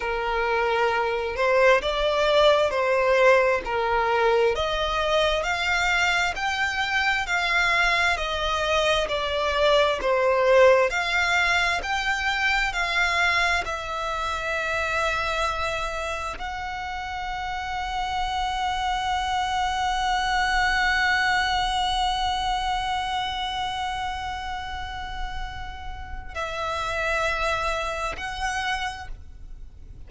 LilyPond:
\new Staff \with { instrumentName = "violin" } { \time 4/4 \tempo 4 = 66 ais'4. c''8 d''4 c''4 | ais'4 dis''4 f''4 g''4 | f''4 dis''4 d''4 c''4 | f''4 g''4 f''4 e''4~ |
e''2 fis''2~ | fis''1~ | fis''1~ | fis''4 e''2 fis''4 | }